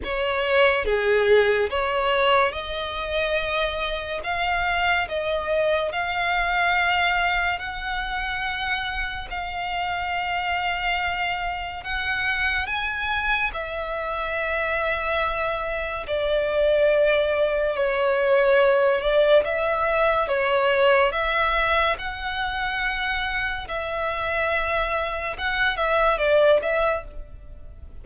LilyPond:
\new Staff \with { instrumentName = "violin" } { \time 4/4 \tempo 4 = 71 cis''4 gis'4 cis''4 dis''4~ | dis''4 f''4 dis''4 f''4~ | f''4 fis''2 f''4~ | f''2 fis''4 gis''4 |
e''2. d''4~ | d''4 cis''4. d''8 e''4 | cis''4 e''4 fis''2 | e''2 fis''8 e''8 d''8 e''8 | }